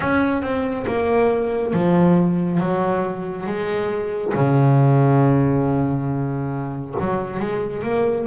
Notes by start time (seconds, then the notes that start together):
0.00 C#4
0.42 C4
0.87 A#3
1.73 F3
2.60 F#3
3.46 G#3
4.34 C#3
7.00 F#3
7.39 G#3
7.83 A#3